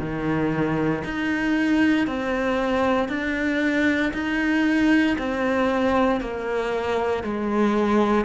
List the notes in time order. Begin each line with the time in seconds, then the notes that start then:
0.00 D#3
1.04 D#4
2.07 C4
3.09 D4
4.13 D#4
5.19 C4
6.21 A#3
7.24 G#3